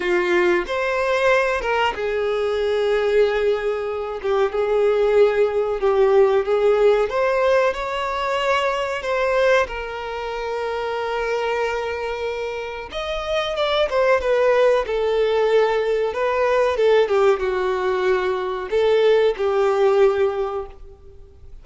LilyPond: \new Staff \with { instrumentName = "violin" } { \time 4/4 \tempo 4 = 93 f'4 c''4. ais'8 gis'4~ | gis'2~ gis'8 g'8 gis'4~ | gis'4 g'4 gis'4 c''4 | cis''2 c''4 ais'4~ |
ais'1 | dis''4 d''8 c''8 b'4 a'4~ | a'4 b'4 a'8 g'8 fis'4~ | fis'4 a'4 g'2 | }